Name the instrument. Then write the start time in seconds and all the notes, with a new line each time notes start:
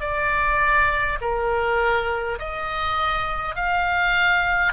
oboe
0.00 D5
1.21 A#4
2.39 D#5
3.55 F5